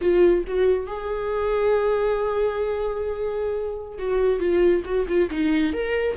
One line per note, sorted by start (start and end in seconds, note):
0.01 0.44 F4
0.47 0.86 F#4
0.86 3.98 G#4
3.98 4.39 F#4
4.39 4.82 F4
4.84 5.06 F#4
5.07 5.29 F4
5.30 5.73 D#4
5.73 6.16 A#4